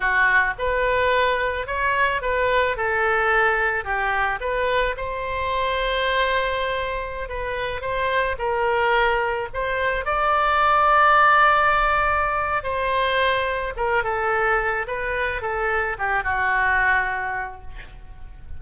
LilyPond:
\new Staff \with { instrumentName = "oboe" } { \time 4/4 \tempo 4 = 109 fis'4 b'2 cis''4 | b'4 a'2 g'4 | b'4 c''2.~ | c''4~ c''16 b'4 c''4 ais'8.~ |
ais'4~ ais'16 c''4 d''4.~ d''16~ | d''2. c''4~ | c''4 ais'8 a'4. b'4 | a'4 g'8 fis'2~ fis'8 | }